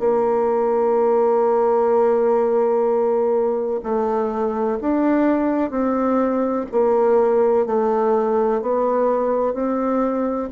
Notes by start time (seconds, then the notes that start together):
0.00 A#3
3.84 A3
4.82 D4
5.71 C4
6.72 A#3
7.67 A3
8.62 B3
9.54 C4